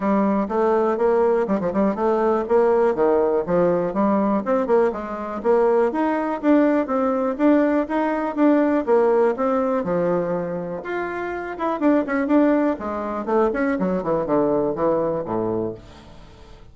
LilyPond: \new Staff \with { instrumentName = "bassoon" } { \time 4/4 \tempo 4 = 122 g4 a4 ais4 g16 f16 g8 | a4 ais4 dis4 f4 | g4 c'8 ais8 gis4 ais4 | dis'4 d'4 c'4 d'4 |
dis'4 d'4 ais4 c'4 | f2 f'4. e'8 | d'8 cis'8 d'4 gis4 a8 cis'8 | fis8 e8 d4 e4 a,4 | }